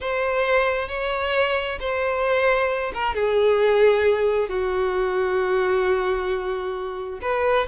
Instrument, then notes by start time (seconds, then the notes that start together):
violin
0.00 C5
0.88 C#5
1.79 C5
2.94 A#4
3.15 G#4
4.48 F#4
7.21 B4